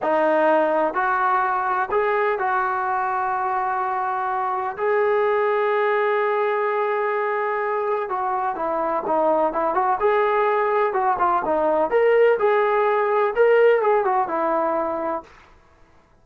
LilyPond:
\new Staff \with { instrumentName = "trombone" } { \time 4/4 \tempo 4 = 126 dis'2 fis'2 | gis'4 fis'2.~ | fis'2 gis'2~ | gis'1~ |
gis'4 fis'4 e'4 dis'4 | e'8 fis'8 gis'2 fis'8 f'8 | dis'4 ais'4 gis'2 | ais'4 gis'8 fis'8 e'2 | }